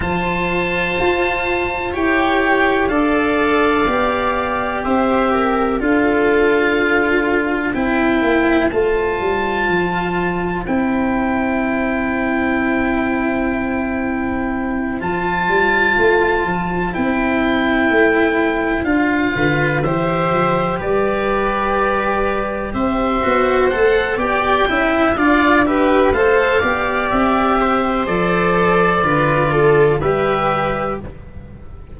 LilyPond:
<<
  \new Staff \with { instrumentName = "oboe" } { \time 4/4 \tempo 4 = 62 a''2 g''4 f''4~ | f''4 e''4 f''2 | g''4 a''2 g''4~ | g''2.~ g''8 a''8~ |
a''4. g''2 f''8~ | f''8 e''4 d''2 e''8~ | e''8 fis''8 g''4 f''8 e''8 f''4 | e''4 d''2 e''4 | }
  \new Staff \with { instrumentName = "viola" } { \time 4/4 c''2 cis''4 d''4~ | d''4 c''8 ais'8 a'2 | c''1~ | c''1~ |
c''1 | b'8 c''4 b'2 c''8~ | c''4 d''8 e''8 d''8 b'8 c''8 d''8~ | d''8 c''4. b'8 a'8 b'4 | }
  \new Staff \with { instrumentName = "cello" } { \time 4/4 f'2 g'4 a'4 | g'2 f'2 | e'4 f'2 e'4~ | e'2.~ e'8 f'8~ |
f'4. e'2 f'8~ | f'8 g'2.~ g'8 | fis'8 a'8 g'8 e'8 f'8 g'8 a'8 g'8~ | g'4 a'4 f'4 g'4 | }
  \new Staff \with { instrumentName = "tuba" } { \time 4/4 f4 f'4 e'4 d'4 | b4 c'4 d'2 | c'8 ais8 a8 g8 f4 c'4~ | c'2.~ c'8 f8 |
g8 a8 f8 c'4 a4 d'8 | d8 e8 f8 g2 c'8 | b8 a8 b8 cis'8 d'4 a8 b8 | c'4 f4 d4 g4 | }
>>